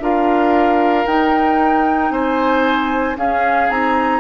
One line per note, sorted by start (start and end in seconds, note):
0.00 1.05 D4
0.00 1.07 F4
0.00 2.12 A#4
0.00 1.07 F5
1.07 2.11 D#4
1.07 3.16 D#4
1.07 2.12 G5
2.11 3.16 C4
2.11 3.17 C5
2.11 3.17 G#5
3.16 3.68 C#4
3.16 3.70 C#4
3.16 4.20 G#4
3.16 3.70 F5
3.70 4.20 C4
3.70 4.20 D#4
3.70 4.20 A#5